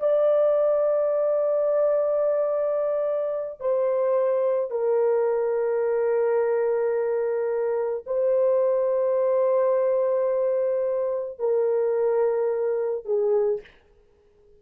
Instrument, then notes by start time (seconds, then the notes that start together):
horn
0.00 D5
3.61 C5
4.71 A#4
8.06 C5
11.39 A#4
13.05 G#4